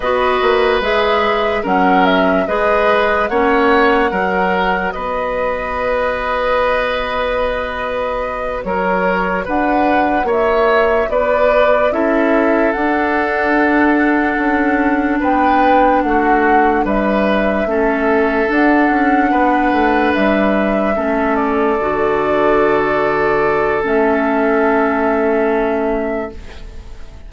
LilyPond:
<<
  \new Staff \with { instrumentName = "flute" } { \time 4/4 \tempo 4 = 73 dis''4 e''4 fis''8 e''8 dis''4 | fis''2 dis''2~ | dis''2~ dis''8 cis''4 fis''8~ | fis''8 e''4 d''4 e''4 fis''8~ |
fis''2~ fis''8 g''4 fis''8~ | fis''8 e''2 fis''4.~ | fis''8 e''4. d''2~ | d''4 e''2. | }
  \new Staff \with { instrumentName = "oboe" } { \time 4/4 b'2 ais'4 b'4 | cis''4 ais'4 b'2~ | b'2~ b'8 ais'4 b'8~ | b'8 cis''4 b'4 a'4.~ |
a'2~ a'8 b'4 fis'8~ | fis'8 b'4 a'2 b'8~ | b'4. a'2~ a'8~ | a'1 | }
  \new Staff \with { instrumentName = "clarinet" } { \time 4/4 fis'4 gis'4 cis'4 gis'4 | cis'4 fis'2.~ | fis'1~ | fis'2~ fis'8 e'4 d'8~ |
d'1~ | d'4. cis'4 d'4.~ | d'4. cis'4 fis'4.~ | fis'4 cis'2. | }
  \new Staff \with { instrumentName = "bassoon" } { \time 4/4 b8 ais8 gis4 fis4 gis4 | ais4 fis4 b2~ | b2~ b8 fis4 d'8~ | d'8 ais4 b4 cis'4 d'8~ |
d'4. cis'4 b4 a8~ | a8 g4 a4 d'8 cis'8 b8 | a8 g4 a4 d4.~ | d4 a2. | }
>>